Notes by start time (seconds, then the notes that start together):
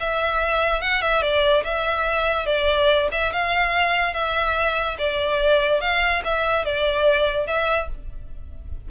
0.00 E5
0.82 F#5
1.02 E5
1.22 D5
1.64 E5
2.46 D5
3.12 E5
3.33 F5
4.14 E5
4.98 D5
5.81 F5
6.24 E5
6.65 D5
7.47 E5